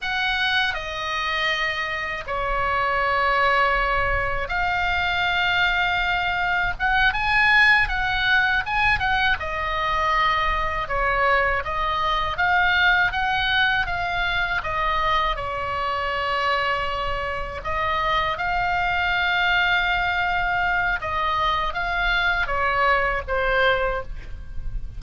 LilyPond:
\new Staff \with { instrumentName = "oboe" } { \time 4/4 \tempo 4 = 80 fis''4 dis''2 cis''4~ | cis''2 f''2~ | f''4 fis''8 gis''4 fis''4 gis''8 | fis''8 dis''2 cis''4 dis''8~ |
dis''8 f''4 fis''4 f''4 dis''8~ | dis''8 cis''2. dis''8~ | dis''8 f''2.~ f''8 | dis''4 f''4 cis''4 c''4 | }